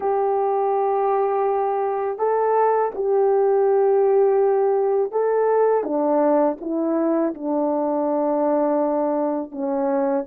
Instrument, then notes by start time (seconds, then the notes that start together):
horn
0.00 G4
2.18 A4
2.94 G4
5.11 A4
5.83 D4
6.61 E4
7.34 D4
9.51 C#4